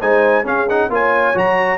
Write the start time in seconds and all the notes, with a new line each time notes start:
0.00 G#3 D#4 C5 G#5
0.44 C#4 G#4 F5
0.69 D#4 F#5
0.89 A#3 F4 C#5 G#5
1.34 F#3 F#4 A#5